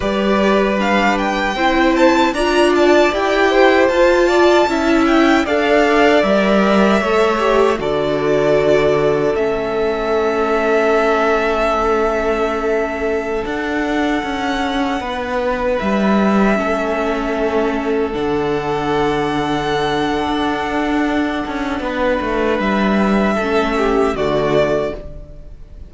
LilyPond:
<<
  \new Staff \with { instrumentName = "violin" } { \time 4/4 \tempo 4 = 77 d''4 f''8 g''4 a''8 ais''8 a''8 | g''4 a''4. g''8 f''4 | e''2 d''2 | e''1~ |
e''4~ e''16 fis''2~ fis''8.~ | fis''16 e''2. fis''8.~ | fis''1~ | fis''4 e''2 d''4 | }
  \new Staff \with { instrumentName = "violin" } { \time 4/4 b'2 c''4 d''4~ | d''8 c''4 d''8 e''4 d''4~ | d''4 cis''4 a'2~ | a'1~ |
a'2.~ a'16 b'8.~ | b'4~ b'16 a'2~ a'8.~ | a'1 | b'2 a'8 g'8 fis'4 | }
  \new Staff \with { instrumentName = "viola" } { \time 4/4 g'4 d'4 e'4 f'4 | g'4 f'4 e'4 a'4 | ais'4 a'8 g'8 fis'2 | cis'1~ |
cis'4~ cis'16 d'2~ d'8.~ | d'4~ d'16 cis'2 d'8.~ | d'1~ | d'2 cis'4 a4 | }
  \new Staff \with { instrumentName = "cello" } { \time 4/4 g2 c'4 d'4 | e'4 f'4 cis'4 d'4 | g4 a4 d2 | a1~ |
a4~ a16 d'4 cis'4 b8.~ | b16 g4 a2 d8.~ | d2 d'4. cis'8 | b8 a8 g4 a4 d4 | }
>>